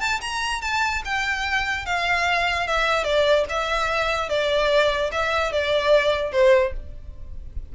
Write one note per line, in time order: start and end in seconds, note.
0.00 0.20 A5
0.21 0.62 A#5
0.62 1.02 A5
1.04 1.85 G5
1.85 2.67 F5
2.67 3.04 E5
3.04 3.45 D5
3.49 4.29 E5
4.29 5.11 D5
5.11 5.52 E5
5.52 6.32 D5
6.32 6.73 C5